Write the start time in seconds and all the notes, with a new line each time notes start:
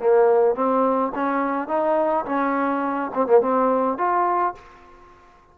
0.00 A#3
0.55 C4
1.15 C#4
1.68 D#4
2.25 C#4
3.14 C4
3.27 A#3
3.41 C4
3.98 F4